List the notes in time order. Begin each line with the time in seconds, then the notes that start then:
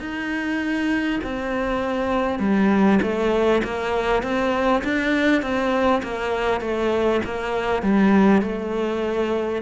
0.00 D#4
1.23 C4
2.39 G3
3.02 A3
3.64 A#3
4.23 C4
4.84 D4
5.42 C4
6.02 A#3
6.61 A3
7.24 A#3
7.82 G3
8.42 A3